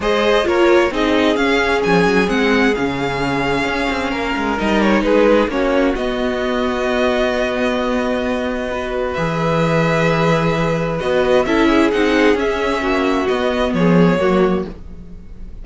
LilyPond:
<<
  \new Staff \with { instrumentName = "violin" } { \time 4/4 \tempo 4 = 131 dis''4 cis''4 dis''4 f''4 | gis''4 fis''4 f''2~ | f''2 dis''8 cis''8 b'4 | cis''4 dis''2.~ |
dis''1 | e''1 | dis''4 e''4 fis''4 e''4~ | e''4 dis''4 cis''2 | }
  \new Staff \with { instrumentName = "violin" } { \time 4/4 c''4 ais'4 gis'2~ | gis'1~ | gis'4 ais'2 gis'4 | fis'1~ |
fis'2. b'4~ | b'1~ | b'4 a'8 gis'2~ gis'8 | fis'2 gis'4 fis'4 | }
  \new Staff \with { instrumentName = "viola" } { \time 4/4 gis'4 f'4 dis'4 cis'4~ | cis'4 c'4 cis'2~ | cis'2 dis'2 | cis'4 b2.~ |
b2. fis'4 | gis'1 | fis'4 e'4 dis'4 cis'4~ | cis'4 b2 ais4 | }
  \new Staff \with { instrumentName = "cello" } { \time 4/4 gis4 ais4 c'4 cis'4 | f8 fis8 gis4 cis2 | cis'8 c'8 ais8 gis8 g4 gis4 | ais4 b2.~ |
b1 | e1 | b4 cis'4 c'4 cis'4 | ais4 b4 f4 fis4 | }
>>